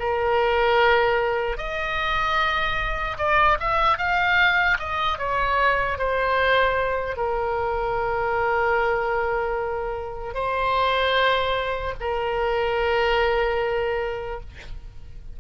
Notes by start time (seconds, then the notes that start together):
0.00 A#4
1.58 D#5
3.18 D5
3.60 E5
3.98 F5
4.80 D#5
5.19 C#5
5.99 C5
7.17 A#4
10.35 C5
12.01 A#4